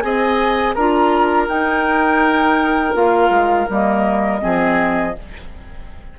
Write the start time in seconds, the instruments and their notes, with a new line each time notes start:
0.00 bassoon C4, clarinet G#4, oboe D#5, flute G#5
0.74 bassoon D4, clarinet F4, oboe A#4, flute A#5
1.48 clarinet D#4, bassoon D#4, flute G5
2.94 bassoon A#3, clarinet F4, flute F5
3.30 bassoon G#3
3.70 bassoon G3, clarinet A#3, flute D#5
4.40 bassoon F3, clarinet C4, oboe G#4